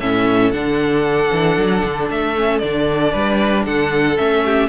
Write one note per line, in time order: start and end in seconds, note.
0.00 0.52 A2
0.00 0.53 C#4
0.00 3.12 A4
0.00 0.52 E5
0.52 1.31 D3
0.52 2.36 D4
0.52 2.08 F#5
1.32 1.58 E3
1.58 1.84 F#3
1.84 2.10 D3
2.10 2.63 A3
2.10 2.59 E5
2.37 2.63 C#4
2.59 3.14 D3
2.59 4.18 D4
2.59 3.63 D5
3.12 3.67 G3
3.12 3.65 B4
3.66 4.19 D3
3.66 4.44 A4
3.66 4.18 F#5
4.18 4.69 A3
4.18 4.69 C#4
4.18 4.69 E5
4.46 4.69 G4